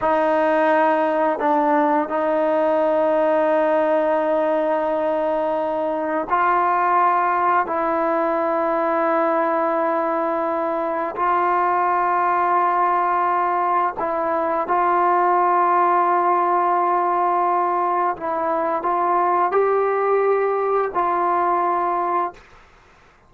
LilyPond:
\new Staff \with { instrumentName = "trombone" } { \time 4/4 \tempo 4 = 86 dis'2 d'4 dis'4~ | dis'1~ | dis'4 f'2 e'4~ | e'1 |
f'1 | e'4 f'2.~ | f'2 e'4 f'4 | g'2 f'2 | }